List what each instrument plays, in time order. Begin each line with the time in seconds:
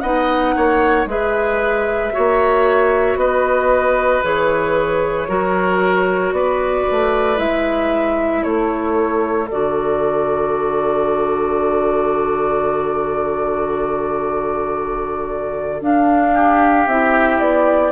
0.00 bassoon B3, clarinet D#4, oboe D#5, flute F#5
0.56 bassoon A#3, oboe C#5
1.06 bassoon G#3, clarinet G#4, oboe B4, flute E5
2.12 bassoon A#3, clarinet F#4, oboe C#5
3.16 bassoon B3, oboe B4, flute D#5
4.23 bassoon E3, clarinet G#4, flute C#5
5.28 bassoon F#3, clarinet F#4, oboe A#4
6.32 bassoon B3, oboe B4, flute D5
6.91 bassoon A3
7.36 bassoon G#3, clarinet E4, flute E5
8.42 bassoon A3, oboe A4, flute C#5
9.51 bassoon D3, clarinet F#4, flute D5
15.81 bassoon D4, clarinet D4, flute F5
16.34 oboe G4
16.87 bassoon C4, clarinet E4, flute E5
17.39 bassoon B3, flute D5